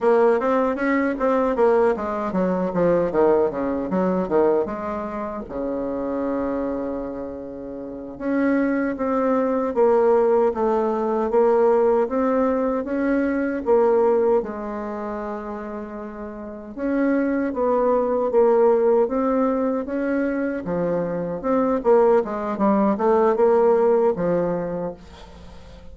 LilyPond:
\new Staff \with { instrumentName = "bassoon" } { \time 4/4 \tempo 4 = 77 ais8 c'8 cis'8 c'8 ais8 gis8 fis8 f8 | dis8 cis8 fis8 dis8 gis4 cis4~ | cis2~ cis8 cis'4 c'8~ | c'8 ais4 a4 ais4 c'8~ |
c'8 cis'4 ais4 gis4.~ | gis4. cis'4 b4 ais8~ | ais8 c'4 cis'4 f4 c'8 | ais8 gis8 g8 a8 ais4 f4 | }